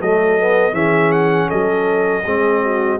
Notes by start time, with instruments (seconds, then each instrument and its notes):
0.00 tuba F#3, trombone A3, horn A4, trumpet D#5
0.39 trombone B3
0.72 tuba E3, trombone C#4, horn G#4, trumpet E5
1.11 trumpet F#5
1.47 tuba F#3, horn A4, trumpet D#5
2.23 tuba G#3, trombone C4, horn G#4
2.62 horn F#4